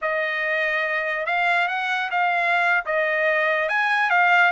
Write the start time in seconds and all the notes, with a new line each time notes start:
0.01 D#5
1.26 F5
1.68 F#5
2.11 F5
2.85 D#5
3.68 G#5
4.09 F5